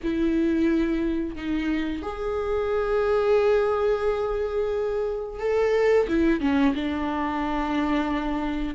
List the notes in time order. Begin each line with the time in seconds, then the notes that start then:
0.03 E4
1.35 D#4
2.02 G#4
5.39 A4
6.08 E4
6.40 C#4
6.74 D4